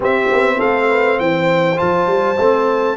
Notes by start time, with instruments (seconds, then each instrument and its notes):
0.00 tuba C4, trombone C4, horn G4, trumpet E5
0.31 tuba B3
0.58 tuba A3, horn A4, trumpet F5
0.89 horn B4
1.19 tuba E3, horn C5, trumpet G5
1.75 tuba F3, trombone F4, trumpet A5
2.07 tuba G3
2.37 tuba A3, trombone C4